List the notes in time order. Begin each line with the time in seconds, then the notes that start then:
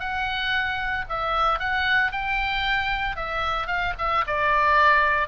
0.00 F#5
1.09 E5
1.60 F#5
2.12 G5
3.17 E5
3.67 F5
3.99 E5
4.27 D5